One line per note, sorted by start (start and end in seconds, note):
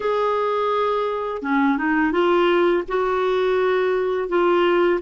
0.00 1.42 G#4
1.42 1.77 C#4
1.77 2.11 D#4
2.11 2.83 F4
2.88 4.28 F#4
4.28 5.00 F4